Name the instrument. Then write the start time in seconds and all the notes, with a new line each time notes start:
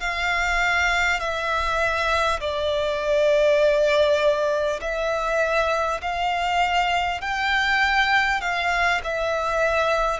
violin
0.00 F5
1.19 E5
2.40 D5
4.81 E5
6.01 F5
7.21 G5
8.41 F5
9.04 E5